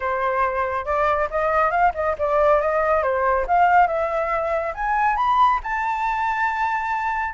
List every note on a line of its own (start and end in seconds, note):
0.00 0.85 C5
0.85 1.28 D5
1.30 1.71 D#5
1.71 1.92 F5
1.94 2.16 D#5
2.18 2.61 D5
2.61 3.02 D#5
3.02 3.46 C5
3.47 3.87 F5
3.87 4.73 E5
4.74 5.16 G#5
5.16 5.59 B5
5.63 7.34 A5